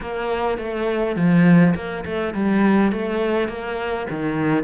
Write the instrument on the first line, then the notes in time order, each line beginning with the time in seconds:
cello
0.01 A#3
0.57 A3
1.16 F3
1.75 A#3
2.05 A3
2.34 G3
2.92 A3
3.48 A#3
4.10 D#3